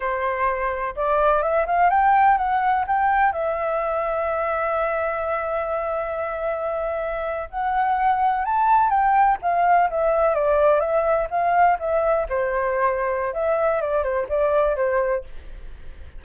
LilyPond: \new Staff \with { instrumentName = "flute" } { \time 4/4 \tempo 4 = 126 c''2 d''4 e''8 f''8 | g''4 fis''4 g''4 e''4~ | e''1~ | e''2.~ e''8. fis''16~ |
fis''4.~ fis''16 a''4 g''4 f''16~ | f''8. e''4 d''4 e''4 f''16~ | f''8. e''4 c''2~ c''16 | e''4 d''8 c''8 d''4 c''4 | }